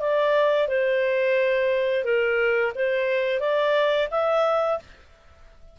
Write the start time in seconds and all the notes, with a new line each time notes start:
0.00 D5
0.68 C5
2.04 A#4
2.75 C5
3.40 D5
4.11 E5